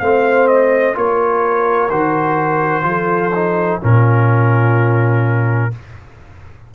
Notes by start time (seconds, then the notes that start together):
0.00 A3 C4 C5 F5
0.48 D#5
0.94 A#3 F4 A#4 C#5
1.90 D#3 F#4 C5
2.83 F3 F4 A4
3.35 D#4
3.81 A#2 C#4 F4 A#4